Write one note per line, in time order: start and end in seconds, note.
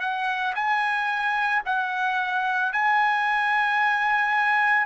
0.00 0.54 F#5
0.55 1.62 G#5
1.66 2.73 F#5
2.73 4.87 G#5